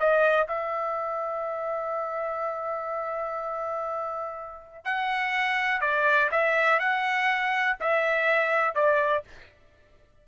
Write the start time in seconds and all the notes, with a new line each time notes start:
0.00 D#5
0.48 E5
4.85 F#5
5.81 D5
6.32 E5
6.80 F#5
7.80 E5
8.75 D5